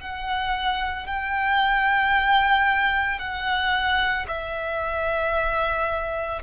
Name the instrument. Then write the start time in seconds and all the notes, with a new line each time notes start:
violin
0.00 F#5
1.06 G5
3.19 F#5
4.28 E5